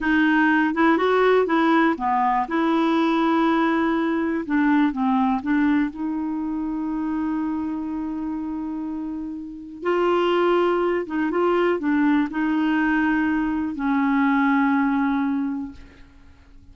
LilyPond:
\new Staff \with { instrumentName = "clarinet" } { \time 4/4 \tempo 4 = 122 dis'4. e'8 fis'4 e'4 | b4 e'2.~ | e'4 d'4 c'4 d'4 | dis'1~ |
dis'1 | f'2~ f'8 dis'8 f'4 | d'4 dis'2. | cis'1 | }